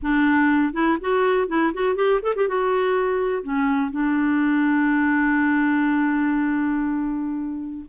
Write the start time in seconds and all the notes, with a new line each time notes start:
0.02 D4
0.73 E4
1.00 F#4
1.48 E4
1.73 F#4
1.95 G4
2.22 A4
2.35 G4
2.47 F#4
3.42 C#4
3.91 D4